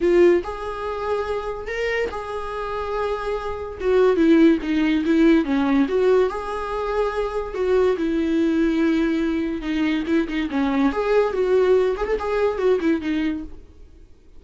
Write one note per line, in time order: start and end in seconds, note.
0.01 0.43 F4
0.43 1.67 G#4
1.67 2.09 A#4
2.10 3.78 G#4
3.80 4.16 F#4
4.16 4.58 E4
4.62 5.04 D#4
5.05 5.44 E4
5.44 5.86 C#4
5.88 6.29 F#4
6.29 7.54 G#4
7.54 7.96 F#4
7.97 9.61 E4
9.61 10.03 D#4
10.06 10.27 E4
10.28 10.49 D#4
10.50 10.92 C#4
10.92 11.33 G#4
11.33 11.96 F#4
11.96 12.06 G#4
12.06 12.17 A4
12.19 12.58 G#4
12.58 12.79 F#4
12.80 13.01 E4
13.01 13.43 D#4